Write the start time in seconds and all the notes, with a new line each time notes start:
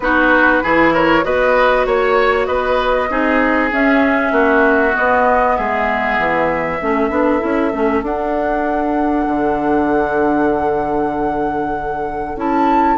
0.00 B3 D#4 F#4 B4
0.63 E3 E4 G#4
0.93 A#4 C#5
1.22 B3 F#4 B4 D#5
1.85 A#3 C#5
2.46 B3 B4 D#5
3.09 C4 D#4 G#4
3.71 C#4 E5
4.31 A#3 F#4
4.92 B3 D#5
5.56 G#3 G#4 E5
6.18 E3
6.81 A3 C#4 A4
7.10 B3 D4
7.39 C#4 E4
7.73 A3 C#4
8.02 D4 F#5
9.27 D3
12.35 C#4 E4 A5